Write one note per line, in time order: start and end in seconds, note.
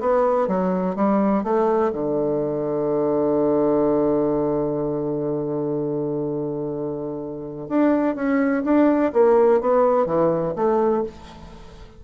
0.00 0.47 B3
0.47 0.95 F#3
0.95 1.43 G3
1.44 1.92 A3
1.93 7.69 D3
7.69 8.15 D4
8.15 8.63 C#4
8.64 9.12 D4
9.13 9.61 A#3
9.61 10.06 B3
10.06 10.54 E3
10.56 11.04 A3